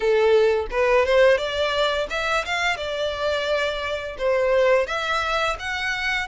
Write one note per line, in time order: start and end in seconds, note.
0.00 0.66 A4
0.70 1.05 B4
1.05 1.37 C5
1.37 2.07 D5
2.10 2.45 E5
2.45 2.77 F5
2.77 4.16 D5
4.18 4.86 C5
4.86 5.56 E5
5.59 6.27 F#5